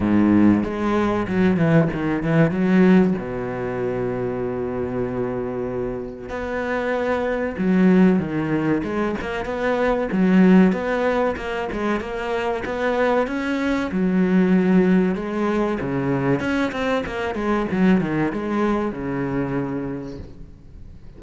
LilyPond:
\new Staff \with { instrumentName = "cello" } { \time 4/4 \tempo 4 = 95 gis,4 gis4 fis8 e8 dis8 e8 | fis4 b,2.~ | b,2 b2 | fis4 dis4 gis8 ais8 b4 |
fis4 b4 ais8 gis8 ais4 | b4 cis'4 fis2 | gis4 cis4 cis'8 c'8 ais8 gis8 | fis8 dis8 gis4 cis2 | }